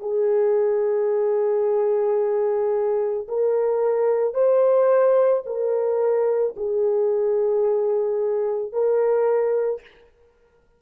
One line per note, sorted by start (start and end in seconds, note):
0.00 3.27 G#4
3.28 4.34 A#4
4.34 5.43 C5
5.46 6.55 A#4
6.57 8.72 G#4
8.72 9.81 A#4